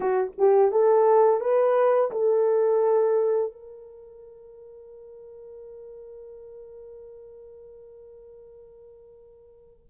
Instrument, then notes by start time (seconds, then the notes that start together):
horn
0.00 F#4
0.38 G4
0.71 A4
1.40 B4
2.11 A4
3.52 A#4